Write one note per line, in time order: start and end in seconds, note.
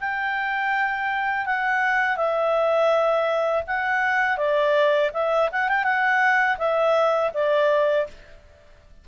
0.00 1.46 G5
1.46 2.17 F#5
2.17 3.63 E5
3.67 4.37 F#5
4.37 5.10 D5
5.13 5.49 E5
5.52 5.68 F#5
5.68 5.83 G5
5.83 6.57 F#5
6.58 7.31 E5
7.34 8.07 D5